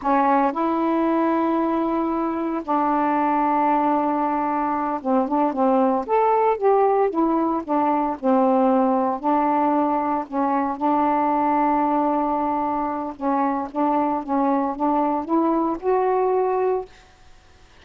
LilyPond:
\new Staff \with { instrumentName = "saxophone" } { \time 4/4 \tempo 4 = 114 cis'4 e'2.~ | e'4 d'2.~ | d'4. c'8 d'8 c'4 a'8~ | a'8 g'4 e'4 d'4 c'8~ |
c'4. d'2 cis'8~ | cis'8 d'2.~ d'8~ | d'4 cis'4 d'4 cis'4 | d'4 e'4 fis'2 | }